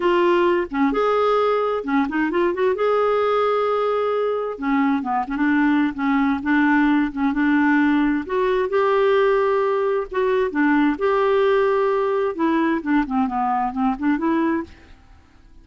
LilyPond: \new Staff \with { instrumentName = "clarinet" } { \time 4/4 \tempo 4 = 131 f'4. cis'8 gis'2 | cis'8 dis'8 f'8 fis'8 gis'2~ | gis'2 cis'4 b8 cis'16 d'16~ | d'4 cis'4 d'4. cis'8 |
d'2 fis'4 g'4~ | g'2 fis'4 d'4 | g'2. e'4 | d'8 c'8 b4 c'8 d'8 e'4 | }